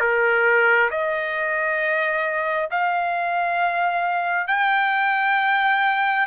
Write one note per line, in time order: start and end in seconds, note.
0.00 0.90 A#4
0.90 2.69 D#5
2.71 4.47 F5
4.47 6.26 G5